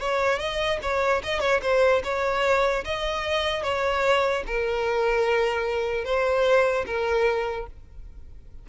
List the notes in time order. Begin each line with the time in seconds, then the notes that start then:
0.00 C#5
0.40 D#5
0.82 C#5
1.24 D#5
1.41 C#5
1.62 C5
2.04 C#5
2.85 D#5
3.63 C#5
4.47 A#4
6.05 C5
6.87 A#4